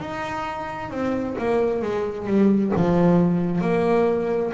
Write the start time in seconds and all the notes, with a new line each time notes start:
0.00 D#4
0.91 C4
1.39 A#3
1.82 G#3
2.27 G3
2.76 F3
3.62 A#3